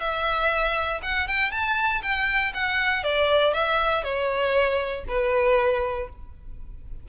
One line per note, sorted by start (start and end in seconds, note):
0.00 1.01 E5
1.02 1.28 F#5
1.28 1.51 G5
1.51 2.02 A5
2.02 2.53 G5
2.54 3.04 F#5
3.04 3.54 D5
3.54 4.04 E5
4.04 5.05 C#5
5.08 6.09 B4